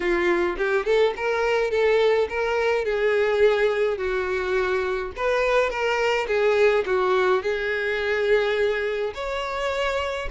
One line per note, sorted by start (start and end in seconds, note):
0.00 0.56 F4
0.57 0.85 G4
0.85 1.14 A4
1.16 1.70 A#4
1.70 2.28 A4
2.29 2.84 A#4
2.84 3.97 G#4
3.97 5.12 F#4
5.16 5.69 B4
5.69 6.26 A#4
6.27 6.84 G#4
6.86 7.42 F#4
7.42 9.13 G#4
9.14 10.28 C#5